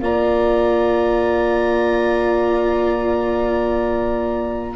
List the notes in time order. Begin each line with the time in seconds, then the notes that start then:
0.00 A#3 F4 D5 A#5